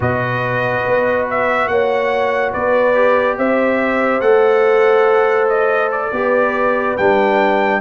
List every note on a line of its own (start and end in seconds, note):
0.00 0.83 B2
0.00 2.94 F#4
0.00 1.69 B4
0.00 1.28 D#5
0.86 1.68 B3
1.30 1.67 E5
1.67 2.52 A#3
1.67 2.52 C#5
1.67 2.52 F#5
2.52 3.37 B3
2.52 3.36 B4
2.52 3.37 D5
2.94 4.21 G4
3.37 4.21 C4
3.37 6.12 C5
3.37 4.21 E5
4.21 6.11 A3
4.21 6.11 A4
4.21 5.47 F#5
5.48 5.90 D#5
5.91 6.97 D5
6.11 6.96 B3
6.11 6.97 G4
6.11 7.80 B4
6.97 7.80 G3
6.97 7.80 D4
6.97 7.80 G5